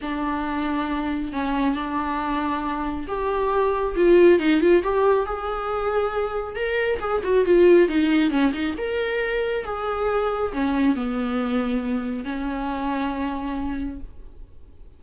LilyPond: \new Staff \with { instrumentName = "viola" } { \time 4/4 \tempo 4 = 137 d'2. cis'4 | d'2. g'4~ | g'4 f'4 dis'8 f'8 g'4 | gis'2. ais'4 |
gis'8 fis'8 f'4 dis'4 cis'8 dis'8 | ais'2 gis'2 | cis'4 b2. | cis'1 | }